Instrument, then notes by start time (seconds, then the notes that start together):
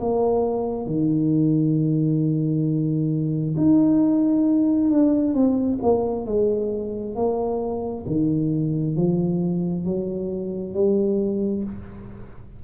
tuba
0.00 A#3
0.86 D#3
3.57 D#4
4.91 D4
5.34 C4
5.82 A#3
6.26 G#3
7.16 A#3
8.07 D#3
8.97 F3
9.85 F#3
10.74 G3